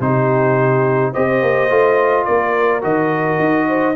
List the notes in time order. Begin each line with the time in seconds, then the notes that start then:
0.00 C3 D#4 G4 C5
1.12 C4 G4 C5 D#5
1.41 A#3
1.69 A3 F4
2.24 A#3 A#4 D5
2.81 D#3 F#4 D#5
3.39 D#4
3.67 C5